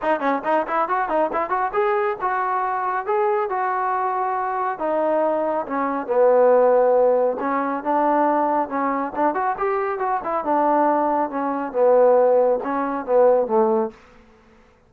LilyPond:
\new Staff \with { instrumentName = "trombone" } { \time 4/4 \tempo 4 = 138 dis'8 cis'8 dis'8 e'8 fis'8 dis'8 e'8 fis'8 | gis'4 fis'2 gis'4 | fis'2. dis'4~ | dis'4 cis'4 b2~ |
b4 cis'4 d'2 | cis'4 d'8 fis'8 g'4 fis'8 e'8 | d'2 cis'4 b4~ | b4 cis'4 b4 a4 | }